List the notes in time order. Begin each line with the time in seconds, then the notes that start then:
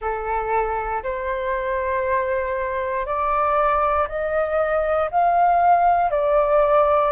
0.01 A4
1.03 C5
3.06 D5
4.08 D#5
5.10 F5
6.10 D5